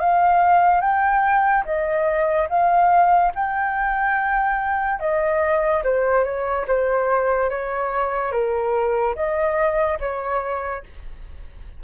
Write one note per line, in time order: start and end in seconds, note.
0.00 0.81 F5
0.81 1.64 G5
1.65 2.48 D#5
2.49 3.32 F5
3.35 5.00 G5
5.00 5.83 D#5
5.84 6.24 C5
6.24 6.66 C#5
6.68 7.50 C5
7.50 8.32 C#5
8.32 9.15 A#4
9.16 9.99 D#5
10.00 10.83 C#5